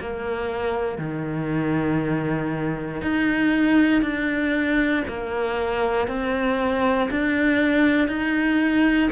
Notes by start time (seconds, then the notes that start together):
0.00 A#3
0.98 D#3
3.01 D#4
4.02 D4
5.07 A#3
6.07 C4
7.10 D4
8.08 D#4